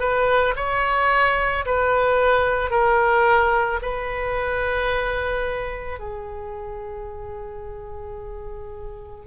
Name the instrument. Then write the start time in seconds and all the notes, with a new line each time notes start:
oboe
0.00 B4
0.56 C#5
1.66 B4
2.70 A#4
3.82 B4
6.00 G#4